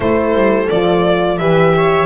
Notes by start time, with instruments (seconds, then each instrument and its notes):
0.00 double bass A3, horn E4, viola A4, violin C5
0.34 double bass G3
0.69 double bass F3, horn F4, violin D5
1.38 double bass E3, horn G4, viola B4, violin E5
1.77 viola C#5